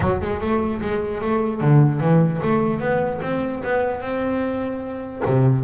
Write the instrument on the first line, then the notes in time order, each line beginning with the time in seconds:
double bass
0.00 F#3
0.21 G#3
0.40 A3
0.81 G#3
1.21 A3
1.60 D3
2.00 E3
2.42 A3
2.79 B3
3.22 C4
3.63 B3
4.01 C4
5.25 C3